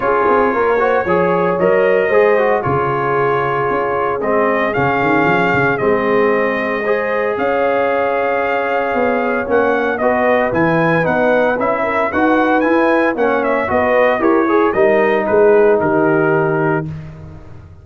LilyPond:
<<
  \new Staff \with { instrumentName = "trumpet" } { \time 4/4 \tempo 4 = 114 cis''2. dis''4~ | dis''4 cis''2. | dis''4 f''2 dis''4~ | dis''2 f''2~ |
f''2 fis''4 dis''4 | gis''4 fis''4 e''4 fis''4 | gis''4 fis''8 e''8 dis''4 cis''4 | dis''4 b'4 ais'2 | }
  \new Staff \with { instrumentName = "horn" } { \time 4/4 gis'4 ais'8 c''8 cis''2 | c''4 gis'2.~ | gis'1~ | gis'4 c''4 cis''2~ |
cis''2. b'4~ | b'2~ b'8 ais'8 b'4~ | b'4 cis''4 b'4 ais'8 gis'8 | ais'4 gis'4 g'2 | }
  \new Staff \with { instrumentName = "trombone" } { \time 4/4 f'4. fis'8 gis'4 ais'4 | gis'8 fis'8 f'2. | c'4 cis'2 c'4~ | c'4 gis'2.~ |
gis'2 cis'4 fis'4 | e'4 dis'4 e'4 fis'4 | e'4 cis'4 fis'4 g'8 gis'8 | dis'1 | }
  \new Staff \with { instrumentName = "tuba" } { \time 4/4 cis'8 c'8 ais4 f4 fis4 | gis4 cis2 cis'4 | gis4 cis8 dis8 f8 cis8 gis4~ | gis2 cis'2~ |
cis'4 b4 ais4 b4 | e4 b4 cis'4 dis'4 | e'4 ais4 b4 e'4 | g4 gis4 dis2 | }
>>